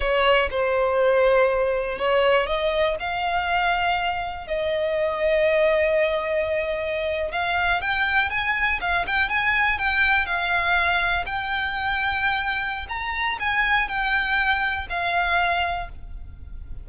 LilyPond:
\new Staff \with { instrumentName = "violin" } { \time 4/4 \tempo 4 = 121 cis''4 c''2. | cis''4 dis''4 f''2~ | f''4 dis''2.~ | dis''2~ dis''8. f''4 g''16~ |
g''8. gis''4 f''8 g''8 gis''4 g''16~ | g''8. f''2 g''4~ g''16~ | g''2 ais''4 gis''4 | g''2 f''2 | }